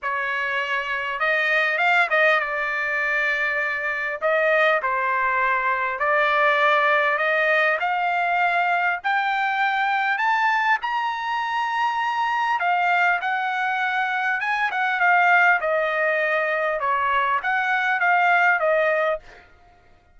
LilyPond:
\new Staff \with { instrumentName = "trumpet" } { \time 4/4 \tempo 4 = 100 cis''2 dis''4 f''8 dis''8 | d''2. dis''4 | c''2 d''2 | dis''4 f''2 g''4~ |
g''4 a''4 ais''2~ | ais''4 f''4 fis''2 | gis''8 fis''8 f''4 dis''2 | cis''4 fis''4 f''4 dis''4 | }